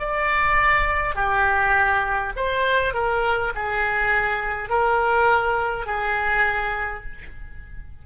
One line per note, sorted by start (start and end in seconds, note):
0.00 1.15 D5
1.15 2.33 G4
2.36 2.94 C5
2.94 3.53 A#4
3.56 4.70 G#4
4.70 5.86 A#4
5.86 7.04 G#4